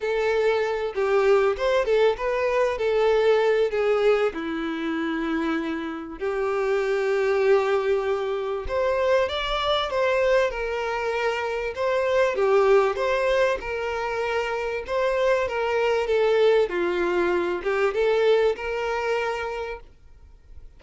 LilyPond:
\new Staff \with { instrumentName = "violin" } { \time 4/4 \tempo 4 = 97 a'4. g'4 c''8 a'8 b'8~ | b'8 a'4. gis'4 e'4~ | e'2 g'2~ | g'2 c''4 d''4 |
c''4 ais'2 c''4 | g'4 c''4 ais'2 | c''4 ais'4 a'4 f'4~ | f'8 g'8 a'4 ais'2 | }